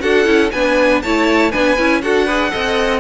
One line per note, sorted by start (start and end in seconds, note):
0.00 0.26 D4
0.00 0.25 F#4
0.00 0.52 A4
0.00 0.50 F#5
0.25 0.51 C#4
0.25 0.50 E4
0.51 1.03 B3
0.51 1.04 D4
0.51 1.03 B4
0.51 1.01 G#5
1.02 1.54 A3
1.02 1.52 E4
1.02 1.51 C#5
1.02 1.51 A5
1.51 1.79 B3
1.51 1.77 D4
1.51 2.01 B4
1.51 2.01 G#5
1.77 2.02 C#4
1.77 2.02 E4
2.02 2.52 D4
2.02 2.28 F#4
2.02 2.26 A4
2.02 3.00 F#5
2.26 2.50 G#4
2.26 2.51 B4
2.50 3.00 C4
2.50 3.00 A4
2.50 3.00 D#5